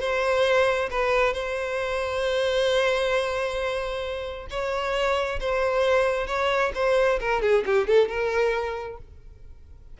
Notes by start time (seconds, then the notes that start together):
0.00 C5
0.90 B4
1.33 C5
4.50 C#5
5.40 C5
6.27 C#5
6.75 C5
7.20 A#4
7.42 G#4
7.66 G4
7.87 A4
8.08 A#4